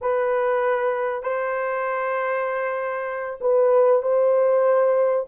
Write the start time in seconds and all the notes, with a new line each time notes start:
0.01 B4
1.22 C5
3.40 B4
4.02 C5